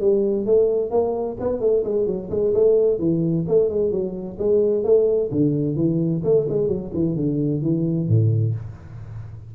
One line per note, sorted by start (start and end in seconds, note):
0.00 0.46 G3
0.46 0.90 A3
0.90 1.36 A#3
1.40 1.60 B3
1.60 1.83 A3
1.84 2.06 G#3
2.06 2.30 F#3
2.30 2.53 G#3
2.54 2.99 A3
2.99 3.45 E3
3.48 3.69 A3
3.69 3.91 G#3
3.91 4.37 F#3
4.38 4.84 G#3
4.84 5.30 A3
5.31 5.75 D3
5.75 6.22 E3
6.24 6.47 A3
6.49 6.68 G#3
6.68 6.91 F#3
6.93 7.16 E3
7.16 7.62 D3
7.62 8.08 E3
8.08 8.54 A2